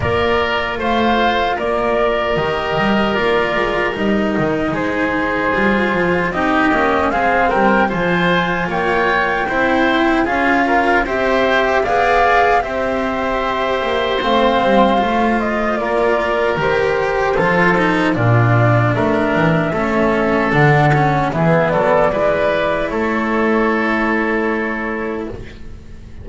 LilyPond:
<<
  \new Staff \with { instrumentName = "flute" } { \time 4/4 \tempo 4 = 76 d''4 f''4 d''4 dis''4 | d''4 dis''4 c''2 | dis''4 f''8 g''8 gis''4 g''4~ | g''4 f''4 e''4 f''4 |
e''2 f''4. dis''8 | d''4 c''2 d''4 | e''2 fis''4 e''8 d''8~ | d''4 cis''2. | }
  \new Staff \with { instrumentName = "oboe" } { \time 4/4 ais'4 c''4 ais'2~ | ais'2 gis'2 | g'4 gis'8 ais'8 c''4 cis''4 | c''4 gis'8 ais'8 c''4 d''4 |
c''1 | ais'2 a'4 f'4 | ais'4 a'2 gis'8 a'8 | b'4 a'2. | }
  \new Staff \with { instrumentName = "cello" } { \time 4/4 f'2. g'4 | f'4 dis'2 f'4 | dis'8 cis'8 c'4 f'2 | e'4 f'4 g'4 gis'4 |
g'2 c'4 f'4~ | f'4 g'4 f'8 dis'8 d'4~ | d'4 cis'4 d'8 cis'8 b4 | e'1 | }
  \new Staff \with { instrumentName = "double bass" } { \time 4/4 ais4 a4 ais4 dis8 g8 | ais8 gis8 g8 dis8 gis4 g8 f8 | c'8 ais8 gis8 g8 f4 ais4 | c'4 cis'4 c'4 b4 |
c'4. ais8 a8 g8 a4 | ais4 dis4 f4 ais,4 | a8 e8 a4 d4 e8 fis8 | gis4 a2. | }
>>